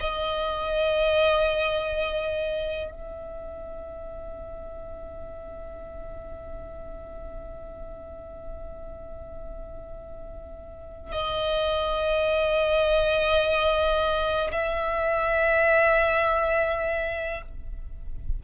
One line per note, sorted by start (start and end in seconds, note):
0.00 2.90 D#5
2.90 11.12 E5
11.12 14.50 D#5
14.52 17.42 E5